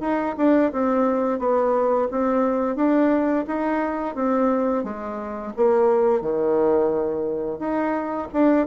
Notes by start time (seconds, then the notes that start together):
0.00 D#4
0.37 D4
0.72 C4
1.39 B3
2.11 C4
2.76 D4
3.47 D#4
4.14 C4
4.83 G#3
5.56 A#3
6.21 D#3
7.59 D#4
8.33 D4